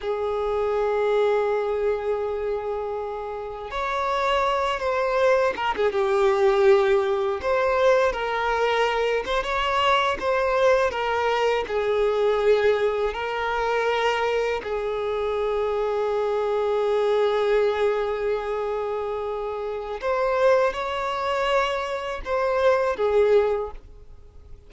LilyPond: \new Staff \with { instrumentName = "violin" } { \time 4/4 \tempo 4 = 81 gis'1~ | gis'4 cis''4. c''4 ais'16 gis'16 | g'2 c''4 ais'4~ | ais'8 c''16 cis''4 c''4 ais'4 gis'16~ |
gis'4.~ gis'16 ais'2 gis'16~ | gis'1~ | gis'2. c''4 | cis''2 c''4 gis'4 | }